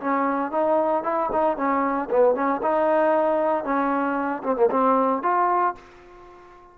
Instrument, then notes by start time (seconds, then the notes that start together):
trombone
0.00 C#4
0.51 D#4
1.03 E4
1.32 D#4
1.57 C#4
2.10 B3
2.35 C#4
2.62 D#4
3.64 C#4
4.43 C4
4.56 A#3
4.70 C4
5.22 F4